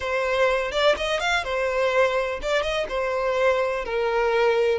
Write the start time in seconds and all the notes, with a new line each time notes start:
0.00 C5
0.71 D5
0.96 D#5
1.20 F5
1.44 C5
2.42 D5
2.62 D#5
2.88 C5
3.84 A#4